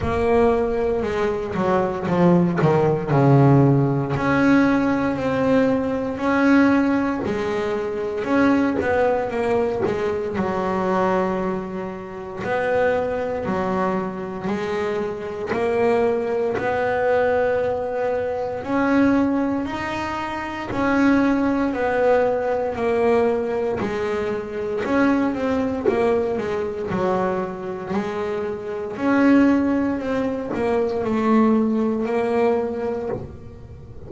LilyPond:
\new Staff \with { instrumentName = "double bass" } { \time 4/4 \tempo 4 = 58 ais4 gis8 fis8 f8 dis8 cis4 | cis'4 c'4 cis'4 gis4 | cis'8 b8 ais8 gis8 fis2 | b4 fis4 gis4 ais4 |
b2 cis'4 dis'4 | cis'4 b4 ais4 gis4 | cis'8 c'8 ais8 gis8 fis4 gis4 | cis'4 c'8 ais8 a4 ais4 | }